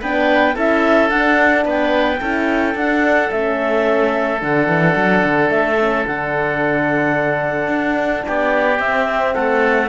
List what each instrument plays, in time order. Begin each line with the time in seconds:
0.00 cello B3, horn D4, oboe B4, clarinet G5
0.54 cello C#4, horn E4, oboe A4, clarinet E5
1.09 horn D4, cello D4, clarinet F#5
1.64 cello B3, oboe B4, clarinet G5
2.20 cello C#4, horn E4, oboe A4
2.74 cello D4, horn D4, clarinet F#5
3.31 cello A3, horn C#4, clarinet E5
4.39 cello D3, horn D4, clarinet F#5
4.67 cello E3
4.96 cello F#3
5.23 cello D3
5.49 cello A3, clarinet E5
5.79 horn C#4
6.05 cello D3, horn D4, clarinet F#5
7.68 cello D4
8.25 cello B3, oboe G4, clarinet D5
8.79 cello C4, horn C4, clarinet E5
9.34 cello A3, oboe A4, clarinet F#5